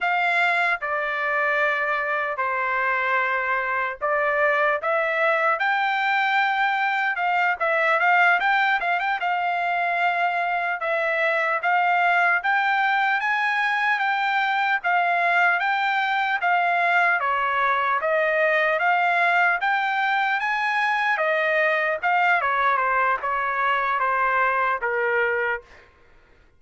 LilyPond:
\new Staff \with { instrumentName = "trumpet" } { \time 4/4 \tempo 4 = 75 f''4 d''2 c''4~ | c''4 d''4 e''4 g''4~ | g''4 f''8 e''8 f''8 g''8 f''16 g''16 f''8~ | f''4. e''4 f''4 g''8~ |
g''8 gis''4 g''4 f''4 g''8~ | g''8 f''4 cis''4 dis''4 f''8~ | f''8 g''4 gis''4 dis''4 f''8 | cis''8 c''8 cis''4 c''4 ais'4 | }